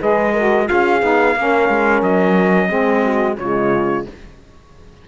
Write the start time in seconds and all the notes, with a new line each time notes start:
0.00 G#3 G#4 B4 D#5
0.33 F#4 A#4
0.66 F4 G#4 F5
0.72 C#4
1.01 B3 D#4
1.36 A#3 C#4 A#4
1.69 G#3
2.02 F#3 D#5
2.68 G#3 C4 G#4
3.04 F#4
3.38 C#3 G#3 F4 C#5